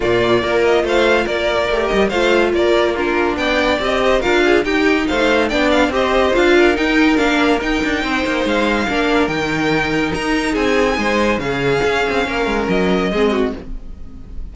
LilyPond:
<<
  \new Staff \with { instrumentName = "violin" } { \time 4/4 \tempo 4 = 142 d''4. dis''8 f''4 d''4~ | d''8 dis''8 f''4 d''4 ais'4 | g''4 dis''4 f''4 g''4 | f''4 g''8 f''8 dis''4 f''4 |
g''4 f''4 g''2 | f''2 g''2 | ais''4 gis''2 f''4~ | f''2 dis''2 | }
  \new Staff \with { instrumentName = "violin" } { \time 4/4 f'4 ais'4 c''4 ais'4~ | ais'4 c''4 ais'4 f'4 | d''4. c''8 ais'8 gis'8 g'4 | c''4 d''4 c''4. ais'8~ |
ais'2. c''4~ | c''4 ais'2.~ | ais'4 gis'4 c''4 gis'4~ | gis'4 ais'2 gis'8 fis'8 | }
  \new Staff \with { instrumentName = "viola" } { \time 4/4 ais4 f'2. | g'4 f'2 d'4~ | d'4 g'4 f'4 dis'4~ | dis'4 d'4 g'4 f'4 |
dis'4 d'4 dis'2~ | dis'4 d'4 dis'2~ | dis'2. cis'4~ | cis'2. c'4 | }
  \new Staff \with { instrumentName = "cello" } { \time 4/4 ais,4 ais4 a4 ais4 | a8 g8 a4 ais2 | b4 c'4 d'4 dis'4 | a4 b4 c'4 d'4 |
dis'4 ais4 dis'8 d'8 c'8 ais8 | gis4 ais4 dis2 | dis'4 c'4 gis4 cis4 | cis'8 c'8 ais8 gis8 fis4 gis4 | }
>>